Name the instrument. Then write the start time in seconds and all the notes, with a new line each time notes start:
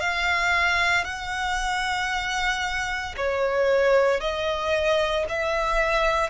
violin
0.00 F5
1.04 F#5
3.17 C#5
4.21 D#5
5.29 E5